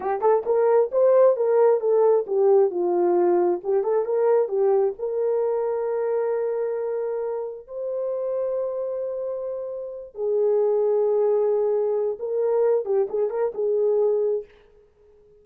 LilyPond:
\new Staff \with { instrumentName = "horn" } { \time 4/4 \tempo 4 = 133 g'8 a'8 ais'4 c''4 ais'4 | a'4 g'4 f'2 | g'8 a'8 ais'4 g'4 ais'4~ | ais'1~ |
ais'4 c''2.~ | c''2~ c''8 gis'4.~ | gis'2. ais'4~ | ais'8 g'8 gis'8 ais'8 gis'2 | }